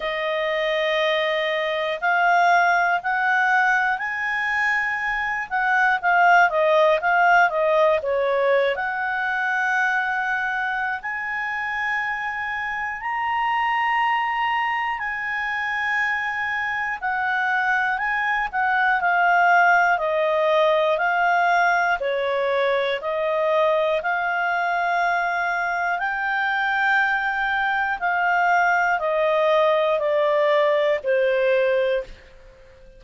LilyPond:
\new Staff \with { instrumentName = "clarinet" } { \time 4/4 \tempo 4 = 60 dis''2 f''4 fis''4 | gis''4. fis''8 f''8 dis''8 f''8 dis''8 | cis''8. fis''2~ fis''16 gis''4~ | gis''4 ais''2 gis''4~ |
gis''4 fis''4 gis''8 fis''8 f''4 | dis''4 f''4 cis''4 dis''4 | f''2 g''2 | f''4 dis''4 d''4 c''4 | }